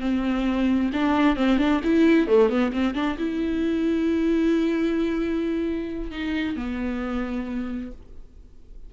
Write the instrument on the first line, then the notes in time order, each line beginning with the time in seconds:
viola
0.00 C4
0.93 D4
1.36 C4
1.58 D4
1.83 E4
2.27 A3
2.49 B3
2.72 C4
2.94 D4
3.18 E4
6.11 D#4
6.56 B3